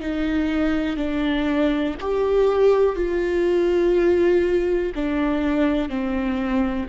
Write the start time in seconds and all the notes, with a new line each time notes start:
0.00 D#4
0.96 D4
2.00 G4
2.96 F4
4.94 D4
5.89 C4